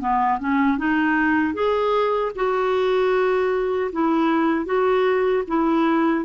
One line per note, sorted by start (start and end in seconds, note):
0.00 0.39 B3
0.39 0.78 C#4
0.78 1.54 D#4
1.54 2.32 G#4
2.35 3.91 F#4
3.92 4.65 E4
4.65 5.43 F#4
5.47 6.25 E4